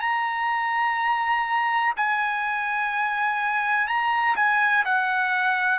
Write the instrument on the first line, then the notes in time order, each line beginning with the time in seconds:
trumpet
0.00 A#5
1.96 G#5
3.87 A#5
4.36 G#5
4.85 F#5